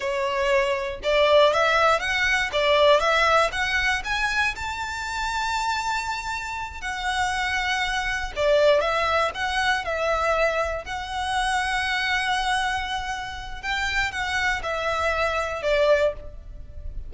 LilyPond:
\new Staff \with { instrumentName = "violin" } { \time 4/4 \tempo 4 = 119 cis''2 d''4 e''4 | fis''4 d''4 e''4 fis''4 | gis''4 a''2.~ | a''4. fis''2~ fis''8~ |
fis''8 d''4 e''4 fis''4 e''8~ | e''4. fis''2~ fis''8~ | fis''2. g''4 | fis''4 e''2 d''4 | }